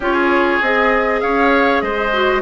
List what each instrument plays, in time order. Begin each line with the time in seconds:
0.00 bassoon C#4, clarinet F4, oboe G#4, flute C#5
0.61 bassoon C4, clarinet G#4, flute D#5
1.20 bassoon C#4, oboe C#5, flute F5
1.81 bassoon G#3, oboe C5, flute D#5
2.13 clarinet F#4